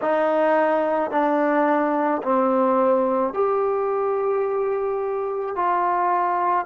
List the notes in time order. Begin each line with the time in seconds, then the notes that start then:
0.01 D#4
1.11 D4
2.22 C4
3.33 G4
5.56 F4